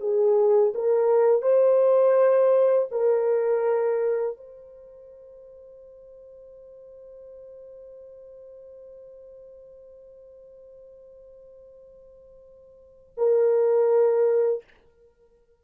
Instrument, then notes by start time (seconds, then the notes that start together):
horn
0.00 G#4
0.74 A#4
1.42 C5
2.91 A#4
4.37 C5
13.17 A#4